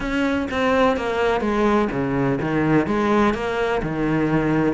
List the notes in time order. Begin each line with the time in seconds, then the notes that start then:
0.00 C#4
0.51 C4
0.96 A#3
1.40 G#3
1.91 C#3
2.41 D#3
2.86 G#3
3.34 A#3
3.82 D#3